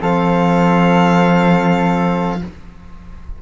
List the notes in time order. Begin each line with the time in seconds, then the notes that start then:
0.00 F3 C4 A4 F5